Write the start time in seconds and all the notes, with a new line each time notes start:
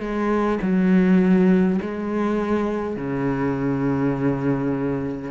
0.00 G#3
0.62 F#3
1.82 G#3
2.97 C#3